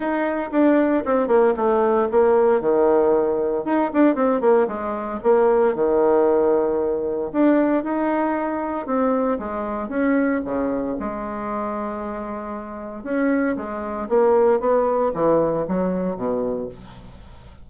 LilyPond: \new Staff \with { instrumentName = "bassoon" } { \time 4/4 \tempo 4 = 115 dis'4 d'4 c'8 ais8 a4 | ais4 dis2 dis'8 d'8 | c'8 ais8 gis4 ais4 dis4~ | dis2 d'4 dis'4~ |
dis'4 c'4 gis4 cis'4 | cis4 gis2.~ | gis4 cis'4 gis4 ais4 | b4 e4 fis4 b,4 | }